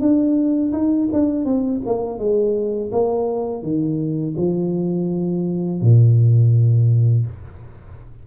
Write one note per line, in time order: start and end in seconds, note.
0.00 0.72 D4
0.73 1.09 D#4
1.12 1.45 D4
1.45 1.81 C4
1.86 2.19 A#3
2.19 2.91 G#3
2.92 3.62 A#3
3.62 4.35 D#3
4.37 5.81 F3
5.82 7.26 A#2